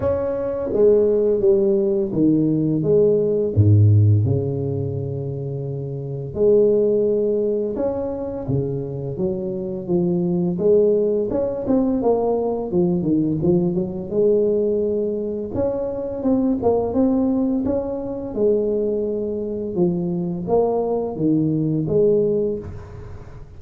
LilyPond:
\new Staff \with { instrumentName = "tuba" } { \time 4/4 \tempo 4 = 85 cis'4 gis4 g4 dis4 | gis4 gis,4 cis2~ | cis4 gis2 cis'4 | cis4 fis4 f4 gis4 |
cis'8 c'8 ais4 f8 dis8 f8 fis8 | gis2 cis'4 c'8 ais8 | c'4 cis'4 gis2 | f4 ais4 dis4 gis4 | }